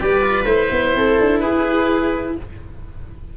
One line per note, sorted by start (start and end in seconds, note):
0.00 0.44 G3
0.00 0.22 G4
0.00 0.96 B4
0.00 0.44 D5
0.22 0.46 F4
0.44 0.68 A3
0.44 2.36 E4
0.44 1.39 C5
0.71 0.94 B3
0.94 1.18 C4
0.94 1.41 A4
1.20 1.42 D4
1.39 2.37 E4
1.39 2.36 G#4
1.39 2.34 B4